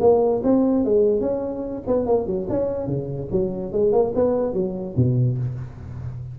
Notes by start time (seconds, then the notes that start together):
0.00 A#3
0.43 C4
0.84 G#3
1.20 C#4
1.87 B3
2.06 A#3
2.26 F#3
2.49 C#4
2.86 C#3
3.31 F#3
3.72 G#3
3.92 A#3
4.15 B3
4.53 F#3
4.96 B2